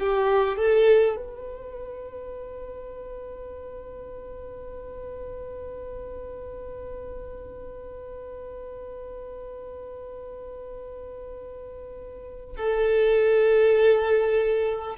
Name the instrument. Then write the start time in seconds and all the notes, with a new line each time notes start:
violin
0.00 G4
0.57 A4
1.17 B4
12.57 A4